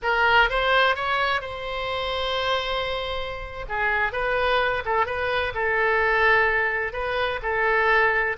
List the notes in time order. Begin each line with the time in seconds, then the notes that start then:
0.02 A#4
0.49 C5
0.95 C#5
1.41 C5
3.68 G#4
4.12 B4
4.85 A4
5.06 B4
5.54 A4
6.92 B4
7.42 A4